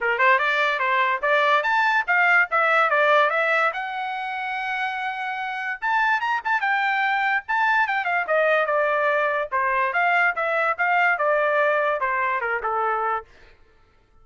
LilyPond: \new Staff \with { instrumentName = "trumpet" } { \time 4/4 \tempo 4 = 145 ais'8 c''8 d''4 c''4 d''4 | a''4 f''4 e''4 d''4 | e''4 fis''2.~ | fis''2 a''4 ais''8 a''8 |
g''2 a''4 g''8 f''8 | dis''4 d''2 c''4 | f''4 e''4 f''4 d''4~ | d''4 c''4 ais'8 a'4. | }